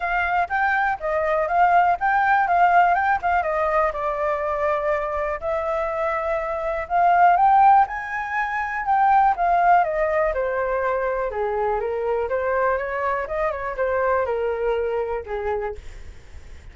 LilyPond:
\new Staff \with { instrumentName = "flute" } { \time 4/4 \tempo 4 = 122 f''4 g''4 dis''4 f''4 | g''4 f''4 g''8 f''8 dis''4 | d''2. e''4~ | e''2 f''4 g''4 |
gis''2 g''4 f''4 | dis''4 c''2 gis'4 | ais'4 c''4 cis''4 dis''8 cis''8 | c''4 ais'2 gis'4 | }